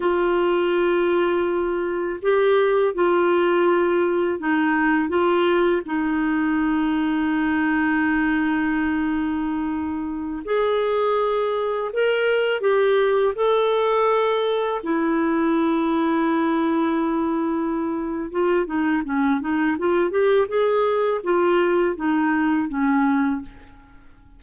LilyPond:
\new Staff \with { instrumentName = "clarinet" } { \time 4/4 \tempo 4 = 82 f'2. g'4 | f'2 dis'4 f'4 | dis'1~ | dis'2~ dis'16 gis'4.~ gis'16~ |
gis'16 ais'4 g'4 a'4.~ a'16~ | a'16 e'2.~ e'8.~ | e'4 f'8 dis'8 cis'8 dis'8 f'8 g'8 | gis'4 f'4 dis'4 cis'4 | }